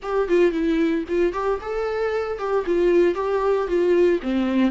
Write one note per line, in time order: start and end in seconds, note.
0.02 0.28 G4
0.28 0.51 F4
0.51 1.04 E4
1.08 1.32 F4
1.32 1.59 G4
1.61 2.38 A4
2.38 2.64 G4
2.66 3.14 F4
3.14 3.67 G4
3.67 4.20 F4
4.22 4.71 C4